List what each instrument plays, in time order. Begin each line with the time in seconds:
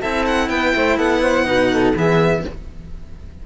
0.00 cello C4 E4, flute A4, violin E5
0.26 violin F#5
0.49 cello B3, flute B4, violin G5
0.75 cello A3, flute C5
0.97 cello B3, flute A4, violin F#5
1.22 flute C5
1.45 cello B2 D#4, flute B4
1.72 flute A4
1.95 cello E3 B3, flute G#4, violin E5